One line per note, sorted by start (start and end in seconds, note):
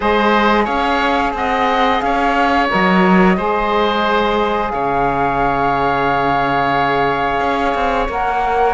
0.00 0.67 G#3
0.00 2.68 G#4
0.00 0.64 C5
0.00 0.66 D#5
0.64 1.33 C#4
0.64 1.31 C#5
0.64 1.33 F5
1.33 2.01 C4
1.33 2.04 D#5
1.33 2.00 F#5
2.00 2.69 C#4
2.00 3.37 C#5
2.00 2.67 F5
2.68 3.37 F#3
2.68 3.36 A#4
2.68 4.69 D#5
3.36 4.72 G#3
3.36 8.08 G#4
3.36 4.72 C5
4.69 7.40 C#3
4.69 8.74 C#5
4.69 8.06 F5
7.40 7.74 C#4
7.74 8.08 C4
8.08 8.74 A#3
8.08 8.74 A#4
8.08 8.74 F#5